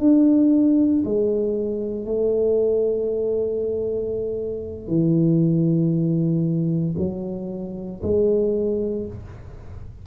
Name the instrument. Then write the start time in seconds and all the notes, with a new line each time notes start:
tuba
0.00 D4
1.05 G#3
2.06 A3
4.88 E3
6.98 F#3
8.03 G#3